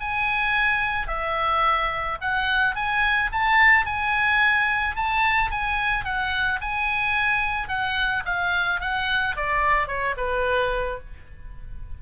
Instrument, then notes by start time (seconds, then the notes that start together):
oboe
0.00 G#5
1.08 E5
2.21 F#5
2.75 G#5
3.32 A5
3.86 G#5
4.96 A5
5.51 G#5
6.05 F#5
6.61 G#5
7.68 F#5
8.25 F5
8.81 F#5
9.36 D5
9.87 C#5
10.17 B4